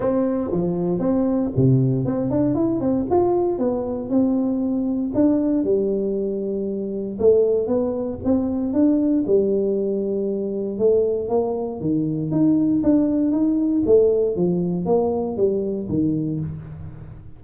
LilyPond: \new Staff \with { instrumentName = "tuba" } { \time 4/4 \tempo 4 = 117 c'4 f4 c'4 c4 | c'8 d'8 e'8 c'8 f'4 b4 | c'2 d'4 g4~ | g2 a4 b4 |
c'4 d'4 g2~ | g4 a4 ais4 dis4 | dis'4 d'4 dis'4 a4 | f4 ais4 g4 dis4 | }